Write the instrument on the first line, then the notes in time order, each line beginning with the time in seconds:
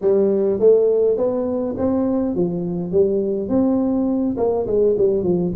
tuba
0.01 G3
0.59 A3
1.17 B3
1.77 C4
2.35 F3
2.91 G3
3.48 C4
4.37 A#3
4.67 G#3
4.98 G3
5.23 F3